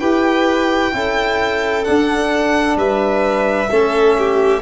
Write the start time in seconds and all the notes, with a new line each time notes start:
0.00 E4 G4 B4 G5
0.94 C#4 E4 A4
1.85 D4 F#5
2.76 G3 B4 E5
3.70 A3 C#4 A4
4.19 G4